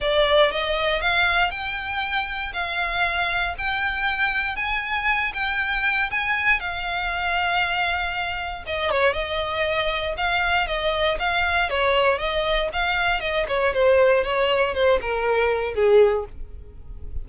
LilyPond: \new Staff \with { instrumentName = "violin" } { \time 4/4 \tempo 4 = 118 d''4 dis''4 f''4 g''4~ | g''4 f''2 g''4~ | g''4 gis''4. g''4. | gis''4 f''2.~ |
f''4 dis''8 cis''8 dis''2 | f''4 dis''4 f''4 cis''4 | dis''4 f''4 dis''8 cis''8 c''4 | cis''4 c''8 ais'4. gis'4 | }